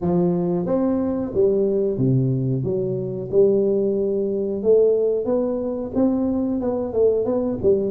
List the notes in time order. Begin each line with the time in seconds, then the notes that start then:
0.01 F3
0.66 C4
1.34 G3
1.98 C3
2.63 F#3
3.31 G3
4.62 A3
5.25 B3
5.95 C4
6.61 B3
6.93 A3
7.25 B3
7.62 G3